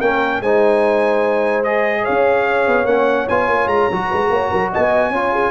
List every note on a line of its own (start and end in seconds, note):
0.00 0.40 A#3
0.00 0.43 C#4
0.00 0.41 A#4
0.00 0.42 G5
0.40 2.04 G#3
0.40 1.64 D#4
0.40 2.03 C5
0.40 1.63 G#5
1.63 2.86 G#4
1.63 2.05 D#5
2.03 2.67 C#4
2.03 4.08 C#5
2.03 2.86 F5
2.67 2.84 B3
2.84 3.26 A#3
2.84 3.27 C#4
2.84 3.27 F#5
3.28 3.48 B3
3.28 3.91 F4
3.28 3.68 G#5
3.48 3.67 A#3
3.67 3.87 G#3
3.67 4.70 A#5
3.91 4.11 F#3
3.91 5.13 F#4
4.08 4.30 G#3
4.08 4.29 B4
4.30 4.50 A#3
4.30 4.50 C#5
4.50 4.73 F#3
4.50 4.71 A#4
4.71 5.09 B3
4.71 5.13 D#5
4.71 5.51 G#5
5.09 5.51 C#4
5.09 5.51 F4
5.09 5.33 C#5
5.33 5.51 G#4